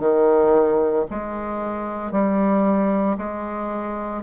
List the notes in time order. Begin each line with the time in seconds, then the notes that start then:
0.00 D#3
1.11 G#3
2.12 G3
3.18 G#3